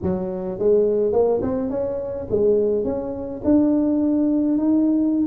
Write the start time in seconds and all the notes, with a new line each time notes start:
0.02 F#3
0.59 G#3
1.12 A#3
1.42 C4
1.70 C#4
2.30 G#3
2.84 C#4
3.44 D4
4.58 D#4